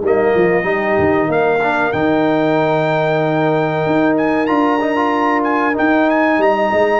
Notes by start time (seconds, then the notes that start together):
0.00 G3 A#3 D#4 D#5
0.34 F3 F4
0.63 G3 D#4 G4
0.98 D#3
1.27 A#3 A#4 F5
1.62 D4
1.92 D#3 D#4 G5
3.86 D#4
4.17 G#5
4.46 D4 F4 A#5
4.80 D#4
4.95 F4
5.43 G#5
5.73 D#4 G5
6.10 G#5
6.38 G3 D#5 A#5
6.72 G#3